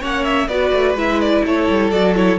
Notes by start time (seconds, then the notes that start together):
0.00 A#3 C#4 C#5 F#5
0.24 E5
0.47 B3 F#4 B4 D5
0.72 A3
0.94 G#3 E4 E5
1.20 D5
1.44 A3 A4 C#5
1.69 G3
1.90 F#3 F#4 D5
2.15 E4 C#5